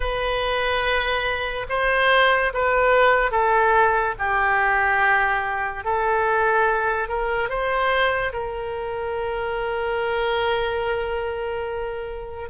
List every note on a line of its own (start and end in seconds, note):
0.00 1.66 B4
1.69 2.52 C5
2.53 3.31 B4
3.31 4.14 A4
4.19 5.84 G4
5.84 7.08 A4
7.08 7.48 A#4
7.48 8.32 C5
8.33 12.49 A#4